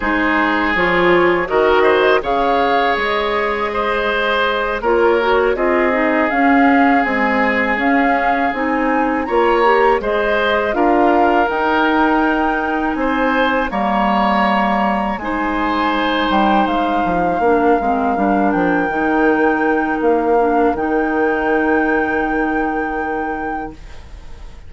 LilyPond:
<<
  \new Staff \with { instrumentName = "flute" } { \time 4/4 \tempo 4 = 81 c''4 cis''4 dis''4 f''4 | dis''2~ dis''8 cis''4 dis''8~ | dis''8 f''4 gis''4 f''4 gis''8~ | gis''8 ais''4 dis''4 f''4 g''8~ |
g''4. gis''4 ais''4.~ | ais''8 gis''4. g''8 f''4.~ | f''4 g''2 f''4 | g''1 | }
  \new Staff \with { instrumentName = "oboe" } { \time 4/4 gis'2 ais'8 c''8 cis''4~ | cis''4 c''4. ais'4 gis'8~ | gis'1~ | gis'8 cis''4 c''4 ais'4.~ |
ais'4. c''4 cis''4.~ | cis''8 c''2. ais'8~ | ais'1~ | ais'1 | }
  \new Staff \with { instrumentName = "clarinet" } { \time 4/4 dis'4 f'4 fis'4 gis'4~ | gis'2~ gis'8 f'8 fis'8 f'8 | dis'8 cis'4 gis4 cis'4 dis'8~ | dis'8 f'8 g'8 gis'4 f'4 dis'8~ |
dis'2~ dis'8 ais4.~ | ais8 dis'2. d'8 | c'8 d'4 dis'2 d'8 | dis'1 | }
  \new Staff \with { instrumentName = "bassoon" } { \time 4/4 gis4 f4 dis4 cis4 | gis2~ gis8 ais4 c'8~ | c'8 cis'4 c'4 cis'4 c'8~ | c'8 ais4 gis4 d'4 dis'8~ |
dis'4. c'4 g4.~ | g8 gis4. g8 gis8 f8 ais8 | gis8 g8 f8 dis4. ais4 | dis1 | }
>>